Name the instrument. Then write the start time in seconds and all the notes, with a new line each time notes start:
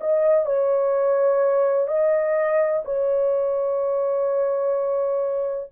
horn
0.00 D#5
0.45 C#5
1.87 D#5
2.84 C#5